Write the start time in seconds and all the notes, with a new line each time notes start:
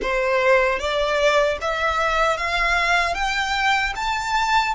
0.01 C5
0.79 D5
1.61 E5
2.37 F5
3.14 G5
3.95 A5